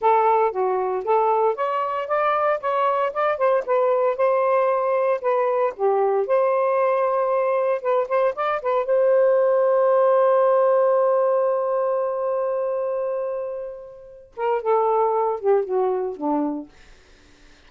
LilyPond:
\new Staff \with { instrumentName = "saxophone" } { \time 4/4 \tempo 4 = 115 a'4 fis'4 a'4 cis''4 | d''4 cis''4 d''8 c''8 b'4 | c''2 b'4 g'4 | c''2. b'8 c''8 |
d''8 b'8 c''2.~ | c''1~ | c''2.~ c''8 ais'8 | a'4. g'8 fis'4 d'4 | }